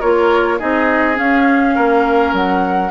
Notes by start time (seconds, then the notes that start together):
0.00 A#3 F4 A#4 C#5
0.59 C4 D#4 G#4 D#5
1.15 C#4 F5
1.75 A#3 A#4
2.33 F#3 F#5